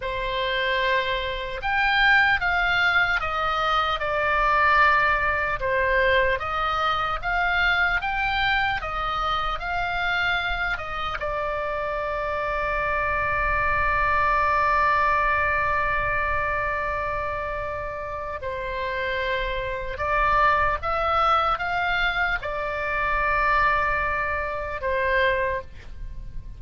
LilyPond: \new Staff \with { instrumentName = "oboe" } { \time 4/4 \tempo 4 = 75 c''2 g''4 f''4 | dis''4 d''2 c''4 | dis''4 f''4 g''4 dis''4 | f''4. dis''8 d''2~ |
d''1~ | d''2. c''4~ | c''4 d''4 e''4 f''4 | d''2. c''4 | }